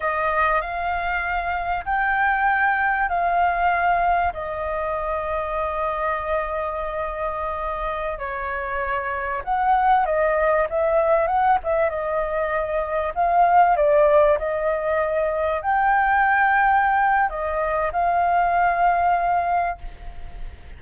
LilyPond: \new Staff \with { instrumentName = "flute" } { \time 4/4 \tempo 4 = 97 dis''4 f''2 g''4~ | g''4 f''2 dis''4~ | dis''1~ | dis''4~ dis''16 cis''2 fis''8.~ |
fis''16 dis''4 e''4 fis''8 e''8 dis''8.~ | dis''4~ dis''16 f''4 d''4 dis''8.~ | dis''4~ dis''16 g''2~ g''8. | dis''4 f''2. | }